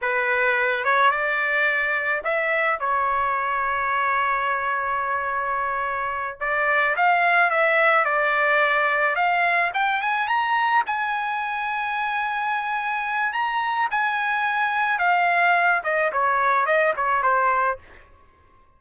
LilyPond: \new Staff \with { instrumentName = "trumpet" } { \time 4/4 \tempo 4 = 108 b'4. cis''8 d''2 | e''4 cis''2.~ | cis''2.~ cis''8 d''8~ | d''8 f''4 e''4 d''4.~ |
d''8 f''4 g''8 gis''8 ais''4 gis''8~ | gis''1 | ais''4 gis''2 f''4~ | f''8 dis''8 cis''4 dis''8 cis''8 c''4 | }